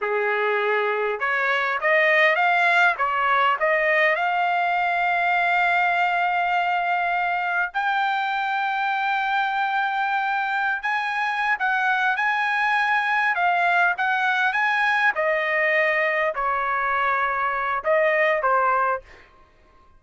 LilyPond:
\new Staff \with { instrumentName = "trumpet" } { \time 4/4 \tempo 4 = 101 gis'2 cis''4 dis''4 | f''4 cis''4 dis''4 f''4~ | f''1~ | f''4 g''2.~ |
g''2~ g''16 gis''4~ gis''16 fis''8~ | fis''8 gis''2 f''4 fis''8~ | fis''8 gis''4 dis''2 cis''8~ | cis''2 dis''4 c''4 | }